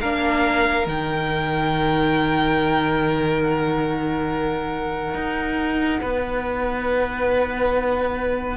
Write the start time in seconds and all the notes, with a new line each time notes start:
0.00 A#3 D4 A#4 F5
0.86 D#3 D#4 G5
3.42 F#5
5.14 D#4
6.00 B3 B4